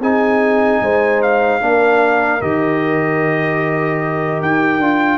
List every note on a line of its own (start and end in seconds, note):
0.00 0.80 C4
0.00 1.60 D#4
0.00 0.81 G#4
0.00 1.22 G#5
0.81 1.61 G#3
0.81 1.63 C5
1.22 2.42 F5
1.60 2.41 A#3
1.60 2.40 D4
1.60 5.18 A#4
2.41 4.41 D#3
2.41 4.81 G4
2.41 4.42 D#5
4.41 4.78 D#4
4.41 5.18 G5
4.78 5.18 D4
4.78 5.18 F4